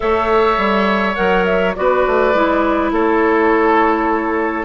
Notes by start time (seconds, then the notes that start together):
0.00 A3 A4 C#5 E5
0.57 G3
1.15 F#3 A#4 F#5
1.45 E5
1.74 B3 F#4 B4 D5
2.07 A3
2.33 G#3 E4
2.92 A3 A4 C#5